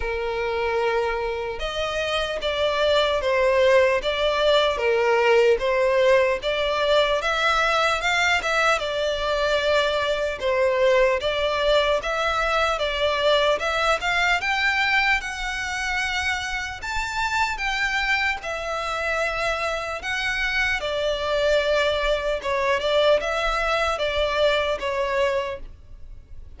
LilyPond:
\new Staff \with { instrumentName = "violin" } { \time 4/4 \tempo 4 = 75 ais'2 dis''4 d''4 | c''4 d''4 ais'4 c''4 | d''4 e''4 f''8 e''8 d''4~ | d''4 c''4 d''4 e''4 |
d''4 e''8 f''8 g''4 fis''4~ | fis''4 a''4 g''4 e''4~ | e''4 fis''4 d''2 | cis''8 d''8 e''4 d''4 cis''4 | }